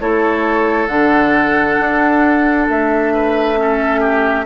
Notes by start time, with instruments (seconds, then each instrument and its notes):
0.00 bassoon A3, clarinet E4, oboe A4, flute C#5
0.87 bassoon D3, clarinet D4, flute F#5
1.79 bassoon D4
2.69 bassoon A3, flute E5
3.14 oboe B4
3.56 clarinet C#4, oboe A4
4.00 oboe G4